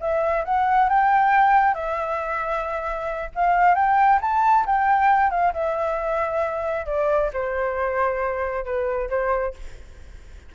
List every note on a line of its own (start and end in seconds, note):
0.00 0.44 E5
0.45 0.89 F#5
0.89 1.75 G5
1.75 3.30 E5
3.35 3.75 F5
3.75 4.19 G5
4.21 4.66 A5
4.66 5.30 G5
5.30 5.53 F5
5.53 6.86 E5
6.86 7.31 D5
7.33 8.65 C5
8.65 9.09 B4
9.09 9.54 C5